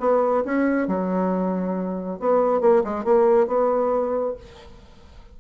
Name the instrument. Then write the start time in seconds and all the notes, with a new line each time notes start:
bassoon
0.00 B3
0.45 C#4
0.88 F#3
2.20 B3
2.61 A#3
2.84 G#3
3.05 A#3
3.47 B3